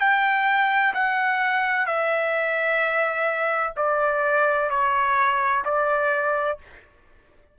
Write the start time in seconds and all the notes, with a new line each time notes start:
0.00 G5
0.94 F#5
1.86 E5
3.76 D5
4.70 C#5
5.65 D5